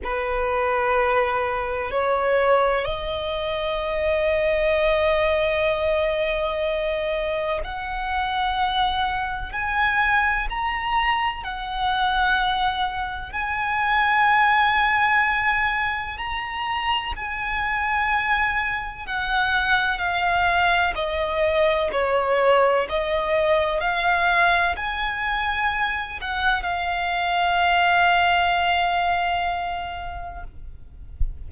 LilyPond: \new Staff \with { instrumentName = "violin" } { \time 4/4 \tempo 4 = 63 b'2 cis''4 dis''4~ | dis''1 | fis''2 gis''4 ais''4 | fis''2 gis''2~ |
gis''4 ais''4 gis''2 | fis''4 f''4 dis''4 cis''4 | dis''4 f''4 gis''4. fis''8 | f''1 | }